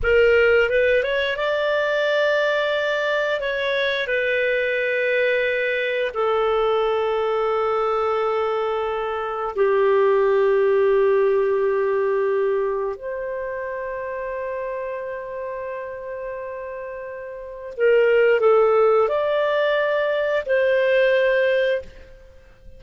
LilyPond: \new Staff \with { instrumentName = "clarinet" } { \time 4/4 \tempo 4 = 88 ais'4 b'8 cis''8 d''2~ | d''4 cis''4 b'2~ | b'4 a'2.~ | a'2 g'2~ |
g'2. c''4~ | c''1~ | c''2 ais'4 a'4 | d''2 c''2 | }